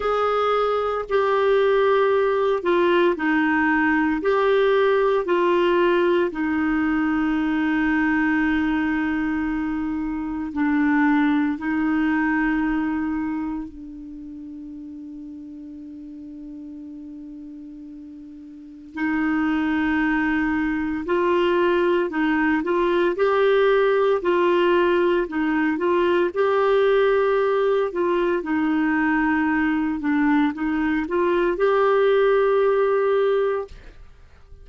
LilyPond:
\new Staff \with { instrumentName = "clarinet" } { \time 4/4 \tempo 4 = 57 gis'4 g'4. f'8 dis'4 | g'4 f'4 dis'2~ | dis'2 d'4 dis'4~ | dis'4 d'2.~ |
d'2 dis'2 | f'4 dis'8 f'8 g'4 f'4 | dis'8 f'8 g'4. f'8 dis'4~ | dis'8 d'8 dis'8 f'8 g'2 | }